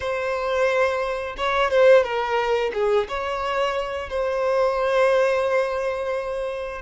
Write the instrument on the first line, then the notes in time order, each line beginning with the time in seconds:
violin
0.00 C5
1.37 C#5
1.70 C5
2.03 A#4
2.73 G#4
3.08 C#5
4.09 C5